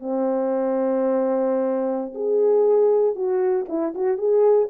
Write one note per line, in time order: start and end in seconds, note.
0.00 2.14 C4
2.15 3.16 G#4
3.16 3.66 F#4
3.69 3.94 E4
3.95 4.18 F#4
4.18 4.69 G#4